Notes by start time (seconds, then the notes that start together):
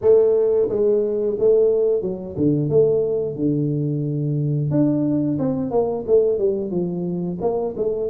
0.01 A3
0.69 G#3
1.39 A3
2.01 F#3
2.37 D3
2.69 A3
3.35 D3
4.70 D4
5.38 C4
5.71 A#3
6.07 A3
6.38 G3
6.70 F3
7.41 A#3
7.76 A3